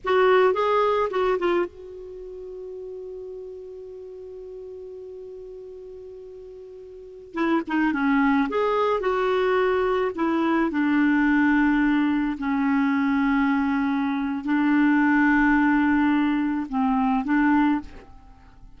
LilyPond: \new Staff \with { instrumentName = "clarinet" } { \time 4/4 \tempo 4 = 108 fis'4 gis'4 fis'8 f'8 fis'4~ | fis'1~ | fis'1~ | fis'4~ fis'16 e'8 dis'8 cis'4 gis'8.~ |
gis'16 fis'2 e'4 d'8.~ | d'2~ d'16 cis'4.~ cis'16~ | cis'2 d'2~ | d'2 c'4 d'4 | }